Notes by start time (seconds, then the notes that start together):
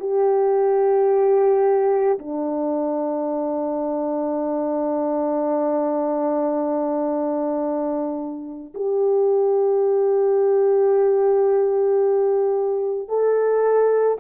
0.00 G4
2.19 D4
8.75 G4
13.09 A4